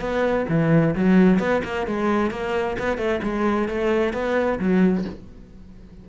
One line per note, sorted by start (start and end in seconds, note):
0.00 0.46 B3
0.49 0.95 E3
0.95 1.39 F#3
1.39 1.62 B3
1.64 1.87 A#3
1.87 2.31 G#3
2.31 2.76 A#3
2.79 2.98 B3
2.98 3.20 A3
3.23 3.68 G#3
3.68 4.13 A3
4.13 4.59 B3
4.59 5.05 F#3